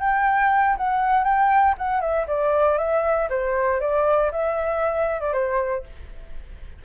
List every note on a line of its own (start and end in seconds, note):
0.00 0.76 G5
0.77 1.24 F#5
1.24 1.75 G5
1.78 2.01 F#5
2.01 2.26 E5
2.27 2.78 D5
2.78 3.29 E5
3.30 3.80 C5
3.80 4.31 D5
4.31 5.20 E5
5.20 5.33 D5
5.33 5.84 C5